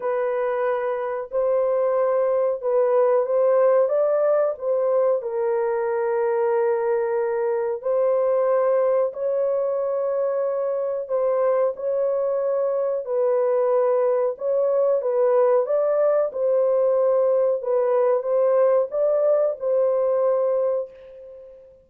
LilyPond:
\new Staff \with { instrumentName = "horn" } { \time 4/4 \tempo 4 = 92 b'2 c''2 | b'4 c''4 d''4 c''4 | ais'1 | c''2 cis''2~ |
cis''4 c''4 cis''2 | b'2 cis''4 b'4 | d''4 c''2 b'4 | c''4 d''4 c''2 | }